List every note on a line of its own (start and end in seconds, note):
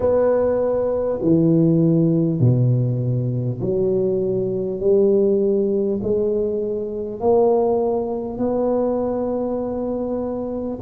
0.00 1.19 B3
1.22 2.40 E3
2.40 3.60 B2
3.60 4.79 F#3
4.79 5.99 G3
6.02 7.20 G#3
7.20 8.38 A#3
8.38 10.78 B3